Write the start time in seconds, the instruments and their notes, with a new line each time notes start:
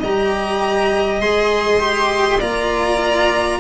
0.00 tuba G3, cello G4, violin D#5 A#5
1.20 tuba G#3, cello G#4, violin C6
1.79 cello G4
2.39 tuba A#3, cello F4, violin D5 A#5